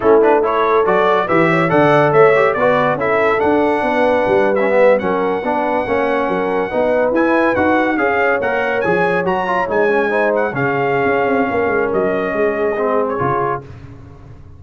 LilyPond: <<
  \new Staff \with { instrumentName = "trumpet" } { \time 4/4 \tempo 4 = 141 a'8 b'8 cis''4 d''4 e''4 | fis''4 e''4 d''4 e''4 | fis''2~ fis''8. e''4 fis''16~ | fis''1~ |
fis''8. gis''4 fis''4 f''4 fis''16~ | fis''8. gis''4 ais''4 gis''4~ gis''16~ | gis''16 fis''8 f''2.~ f''16 | dis''2~ dis''8. cis''4~ cis''16 | }
  \new Staff \with { instrumentName = "horn" } { \time 4/4 e'4 a'2 b'8 cis''8 | d''4 cis''4 b'4 a'4~ | a'4 b'2~ b'8. ais'16~ | ais'8. b'4 cis''4 ais'4 b'16~ |
b'2~ b'8. cis''4~ cis''16~ | cis''2.~ cis''8. c''16~ | c''8. gis'2~ gis'16 ais'4~ | ais'4 gis'2. | }
  \new Staff \with { instrumentName = "trombone" } { \time 4/4 cis'8 d'8 e'4 fis'4 g'4 | a'4. g'8 fis'4 e'4 | d'2~ d'8. cis'16 b8. cis'16~ | cis'8. d'4 cis'2 dis'16~ |
dis'8. e'4 fis'4 gis'4 ais'16~ | ais'8. gis'4 fis'8 f'8 dis'8 cis'8 dis'16~ | dis'8. cis'2.~ cis'16~ | cis'2 c'4 f'4 | }
  \new Staff \with { instrumentName = "tuba" } { \time 4/4 a2 fis4 e4 | d4 a4 b4 cis'4 | d'4 b4 g4.~ g16 fis16~ | fis8. b4 ais4 fis4 b16~ |
b8. e'4 dis'4 cis'4 ais16~ | ais8. f4 fis4 gis4~ gis16~ | gis8. cis4~ cis16 cis'8 c'8 ais8 gis8 | fis4 gis2 cis4 | }
>>